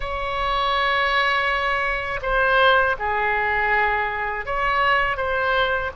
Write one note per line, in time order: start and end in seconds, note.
0.00 2.20 C#5
2.22 2.96 C5
2.98 4.45 G#4
4.45 5.16 C#5
5.16 5.91 C5